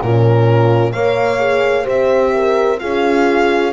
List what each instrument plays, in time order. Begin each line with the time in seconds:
0.00 double bass A#2, horn C#4 F4, violin A#4
0.92 double bass A#3, horn A#4 C#5, violin F5
1.38 horn G#4
1.83 double bass C4, horn G4 C5, violin E5
2.34 horn A#4
2.79 double bass C#4, horn F4 G#4, violin F5